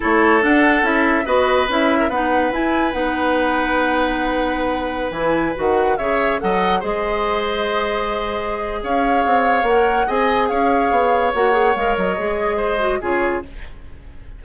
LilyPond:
<<
  \new Staff \with { instrumentName = "flute" } { \time 4/4 \tempo 4 = 143 cis''4 fis''4 e''4 dis''4 | e''4 fis''4 gis''4 fis''4~ | fis''1~ | fis''16 gis''4 fis''4 e''4 fis''8.~ |
fis''16 dis''2.~ dis''8.~ | dis''4 f''2 fis''4 | gis''4 f''2 fis''4 | f''8 dis''2~ dis''8 cis''4 | }
  \new Staff \with { instrumentName = "oboe" } { \time 4/4 a'2. b'4~ | b'8. ais'16 b'2.~ | b'1~ | b'2~ b'16 cis''4 dis''8.~ |
dis''16 c''2.~ c''8.~ | c''4 cis''2. | dis''4 cis''2.~ | cis''2 c''4 gis'4 | }
  \new Staff \with { instrumentName = "clarinet" } { \time 4/4 e'4 d'4 e'4 fis'4 | e'4 dis'4 e'4 dis'4~ | dis'1~ | dis'16 e'4 fis'4 gis'4 a'8.~ |
a'16 gis'2.~ gis'8.~ | gis'2. ais'4 | gis'2. fis'8 gis'8 | ais'4 gis'4. fis'8 f'4 | }
  \new Staff \with { instrumentName = "bassoon" } { \time 4/4 a4 d'4 cis'4 b4 | cis'4 b4 e'4 b4~ | b1~ | b16 e4 dis4 cis4 fis8.~ |
fis16 gis2.~ gis8.~ | gis4 cis'4 c'4 ais4 | c'4 cis'4 b4 ais4 | gis8 fis8 gis2 cis4 | }
>>